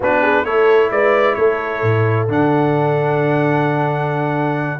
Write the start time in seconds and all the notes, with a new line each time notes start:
0.00 B3 D4 F#4 B4
0.21 G#4
0.44 A3 E4 A4 C#5
0.90 G#3 B4 D5
1.35 A3 A4 C#5
1.82 A2
2.28 D3 D4 F#5